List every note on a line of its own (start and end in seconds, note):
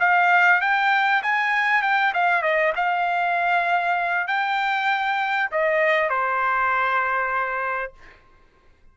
0.00 0.61 F5
0.61 1.22 G5
1.23 1.83 G#5
1.83 2.13 G5
2.14 2.42 F5
2.42 2.73 D#5
2.76 4.27 F5
4.27 5.50 G5
5.52 6.09 D#5
6.09 7.93 C5